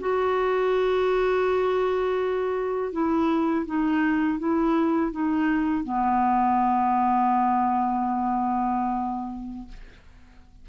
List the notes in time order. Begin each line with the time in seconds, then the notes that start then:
0.00 F#4
2.92 E4
3.66 D#4
4.38 E4
5.11 D#4
5.84 B3